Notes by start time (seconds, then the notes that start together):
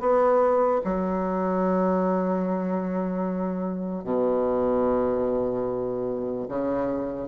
0.00 B3
0.85 F#3
4.04 B2
6.49 C#3